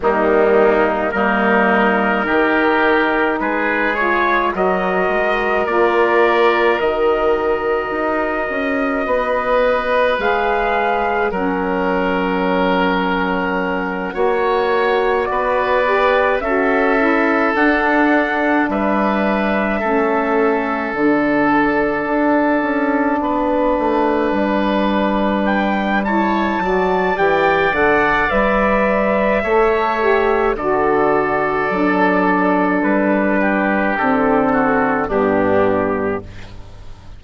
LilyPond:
<<
  \new Staff \with { instrumentName = "trumpet" } { \time 4/4 \tempo 4 = 53 dis'4 ais'2 b'8 cis''8 | dis''4 d''4 dis''2~ | dis''4 f''4 fis''2~ | fis''4. d''4 e''4 fis''8~ |
fis''8 e''2 fis''4.~ | fis''2~ fis''8 g''8 a''4 | g''8 fis''8 e''2 d''4~ | d''4 b'4 a'4 g'4 | }
  \new Staff \with { instrumentName = "oboe" } { \time 4/4 ais4 dis'4 g'4 gis'4 | ais'1 | b'2 ais'2~ | ais'8 cis''4 b'4 a'4.~ |
a'8 b'4 a'2~ a'8~ | a'8 b'2~ b'8 cis''8 d''8~ | d''2 cis''4 a'4~ | a'4. g'4 fis'8 d'4 | }
  \new Staff \with { instrumentName = "saxophone" } { \time 4/4 g4 ais4 dis'4. f'8 | fis'4 f'4 fis'2~ | fis'4 gis'4 cis'2~ | cis'8 fis'4. g'8 fis'8 e'8 d'8~ |
d'4. cis'4 d'4.~ | d'2. e'8 fis'8 | g'8 a'8 b'4 a'8 g'8 fis'4 | d'2 c'4 b4 | }
  \new Staff \with { instrumentName = "bassoon" } { \time 4/4 dis4 g4 dis4 gis4 | fis8 gis8 ais4 dis4 dis'8 cis'8 | b4 gis4 fis2~ | fis8 ais4 b4 cis'4 d'8~ |
d'8 g4 a4 d4 d'8 | cis'8 b8 a8 g2 fis8 | e8 d8 g4 a4 d4 | fis4 g4 d4 g,4 | }
>>